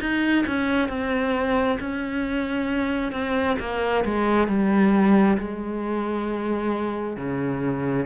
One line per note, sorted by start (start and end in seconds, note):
0.00 0.45 D#4
0.46 0.88 C#4
0.88 1.78 C4
1.80 3.12 C#4
3.12 3.57 C4
3.59 4.04 A#3
4.04 4.48 G#3
4.48 5.37 G3
5.38 7.16 G#3
7.16 8.06 C#3